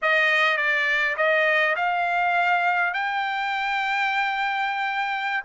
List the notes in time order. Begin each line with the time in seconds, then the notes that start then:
0.02 D#5
0.57 D5
1.16 D#5
1.76 F5
2.93 G5